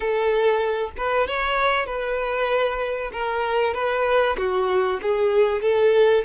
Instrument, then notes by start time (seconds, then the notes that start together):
violin
0.00 A4
0.97 B4
1.27 C#5
1.86 B4
3.12 A#4
3.74 B4
4.37 F#4
5.02 G#4
5.61 A4